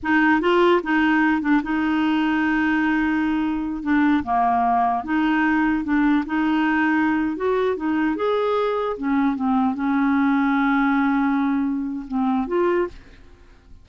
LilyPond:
\new Staff \with { instrumentName = "clarinet" } { \time 4/4 \tempo 4 = 149 dis'4 f'4 dis'4. d'8 | dis'1~ | dis'4. d'4 ais4.~ | ais8 dis'2 d'4 dis'8~ |
dis'2~ dis'16 fis'4 dis'8.~ | dis'16 gis'2 cis'4 c'8.~ | c'16 cis'2.~ cis'8.~ | cis'2 c'4 f'4 | }